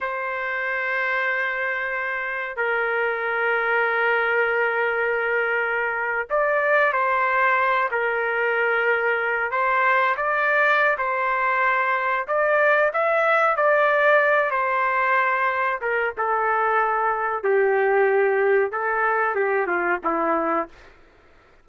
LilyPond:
\new Staff \with { instrumentName = "trumpet" } { \time 4/4 \tempo 4 = 93 c''1 | ais'1~ | ais'4.~ ais'16 d''4 c''4~ c''16~ | c''16 ais'2~ ais'8 c''4 d''16~ |
d''4 c''2 d''4 | e''4 d''4. c''4.~ | c''8 ais'8 a'2 g'4~ | g'4 a'4 g'8 f'8 e'4 | }